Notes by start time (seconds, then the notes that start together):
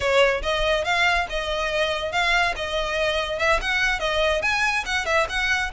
0.00 C#5
0.42 D#5
0.84 F5
1.29 D#5
2.12 F5
2.56 D#5
3.39 E5
3.61 F#5
3.99 D#5
4.42 G#5
4.85 F#5
5.05 E5
5.29 F#5